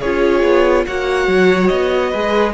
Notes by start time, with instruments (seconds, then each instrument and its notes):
0.00 cello C#4, viola F4, violin G#4 C#5
0.43 cello B3
0.86 cello A#3, viola F#4, violin C#5 F#5
1.27 cello F#3
1.67 cello B3, violin D#5
2.10 cello G#3, viola G#4, violin B4